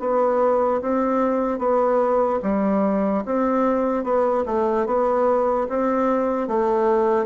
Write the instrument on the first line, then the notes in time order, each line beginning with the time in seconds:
bassoon
0.00 B3
0.81 C4
1.58 B3
2.43 G3
3.25 C4
4.04 B3
4.46 A3
4.86 B3
5.69 C4
6.48 A3